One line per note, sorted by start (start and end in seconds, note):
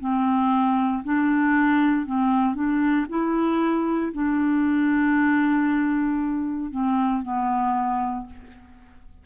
0.00 1.03 C4
1.04 2.06 D4
2.06 2.55 C4
2.55 3.07 D4
3.09 4.13 E4
4.13 6.71 D4
6.71 7.23 C4
7.23 8.27 B3